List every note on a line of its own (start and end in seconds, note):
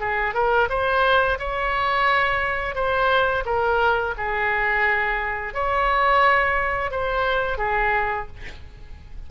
0.00 0.34 G#4
0.34 0.68 A#4
0.69 1.38 C5
1.39 2.75 C#5
2.75 3.44 C5
3.45 4.14 A#4
4.17 5.53 G#4
5.53 6.91 C#5
6.91 7.57 C5
7.57 8.26 G#4